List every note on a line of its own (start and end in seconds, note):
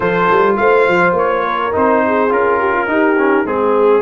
0.00 0.29 F3
0.00 1.71 F4
0.00 0.57 A4
0.00 0.55 C5
0.30 0.58 G3
0.56 0.87 A3
0.56 1.45 C5
0.56 1.14 F5
0.87 1.12 F3
1.12 1.70 A#3
1.12 1.75 C#5
1.45 2.03 A#4
1.72 2.31 C4
1.72 2.29 D#4
1.72 2.32 C5
2.06 2.59 G#4
2.29 2.87 C#4
2.29 2.86 F4
2.29 3.46 A#4
2.59 2.72 G4
2.72 2.87 F4
2.87 3.45 D#4
2.87 3.16 D#4
2.87 3.45 G4
3.18 3.45 C#4
3.45 4.01 G#3
3.45 4.01 C4
3.45 4.01 G#4